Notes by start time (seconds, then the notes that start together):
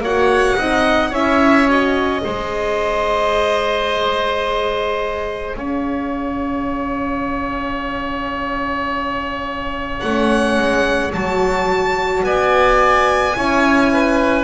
0.00 A#3 F#4 C#5 F#5
0.57 C4 D#4 D#5
1.10 C#4 E4 C#5 E5
1.69 F#4 D#5
2.22 G#3 G#4 C5
5.57 C#4 C#5 F5
10.00 A3 C#4 F#5
10.59 G#3
11.14 F#3 F#4 A5
12.23 B3 D5 G#5
13.35 C#4 E4 C#5
13.93 B4